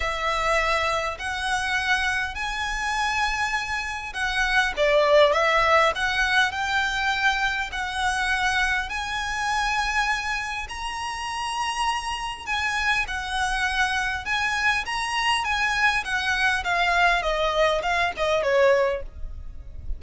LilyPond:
\new Staff \with { instrumentName = "violin" } { \time 4/4 \tempo 4 = 101 e''2 fis''2 | gis''2. fis''4 | d''4 e''4 fis''4 g''4~ | g''4 fis''2 gis''4~ |
gis''2 ais''2~ | ais''4 gis''4 fis''2 | gis''4 ais''4 gis''4 fis''4 | f''4 dis''4 f''8 dis''8 cis''4 | }